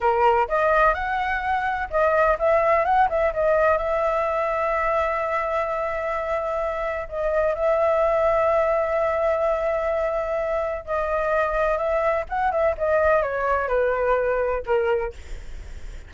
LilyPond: \new Staff \with { instrumentName = "flute" } { \time 4/4 \tempo 4 = 127 ais'4 dis''4 fis''2 | dis''4 e''4 fis''8 e''8 dis''4 | e''1~ | e''2. dis''4 |
e''1~ | e''2. dis''4~ | dis''4 e''4 fis''8 e''8 dis''4 | cis''4 b'2 ais'4 | }